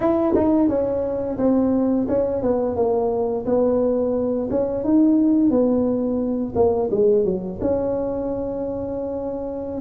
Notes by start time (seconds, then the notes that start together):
0.00 E4
0.34 D#4
0.68 C#4
1.38 C4
2.08 C#4
2.42 B3
2.76 A#3
3.45 B3
4.50 C#4
4.84 D#4
5.50 B3
6.55 A#3
6.90 G#3
7.24 F#3
7.61 C#4